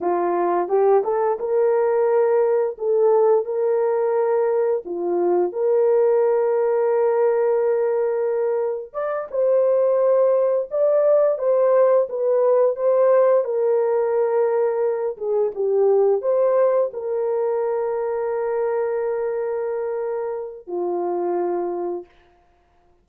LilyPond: \new Staff \with { instrumentName = "horn" } { \time 4/4 \tempo 4 = 87 f'4 g'8 a'8 ais'2 | a'4 ais'2 f'4 | ais'1~ | ais'4 d''8 c''2 d''8~ |
d''8 c''4 b'4 c''4 ais'8~ | ais'2 gis'8 g'4 c''8~ | c''8 ais'2.~ ais'8~ | ais'2 f'2 | }